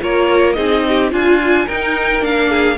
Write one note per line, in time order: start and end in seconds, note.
0.00 0.57 A#3
0.00 0.55 F4
0.00 0.56 A#4
0.00 0.53 C#5
0.53 1.11 C4
0.53 1.10 D#4
0.53 0.84 G#4
0.53 1.08 D#5
0.88 1.12 G4
1.10 1.67 D4
1.10 1.66 F4
1.10 1.68 G#5
1.66 2.21 D#4
1.66 2.20 D#4
1.66 2.49 A#4
1.66 2.23 G5
2.20 2.76 A#3
2.20 2.76 D4
2.20 2.77 F5
2.49 2.77 G#4